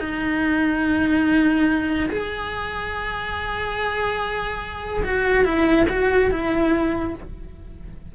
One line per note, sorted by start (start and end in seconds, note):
0.00 2.10 D#4
2.10 5.04 G#4
5.04 5.45 F#4
5.45 5.87 E4
5.90 6.31 F#4
6.31 7.15 E4